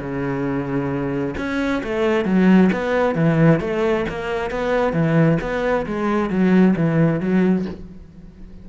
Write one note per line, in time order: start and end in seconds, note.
0.00 1.35 C#3
1.37 1.83 C#4
1.84 2.25 A3
2.25 2.70 F#3
2.73 3.15 B3
3.15 3.60 E3
3.60 4.05 A3
4.09 4.51 A#3
4.51 4.93 B3
4.93 5.38 E3
5.41 5.86 B3
5.86 6.30 G#3
6.30 6.75 F#3
6.76 7.20 E3
7.20 7.65 F#3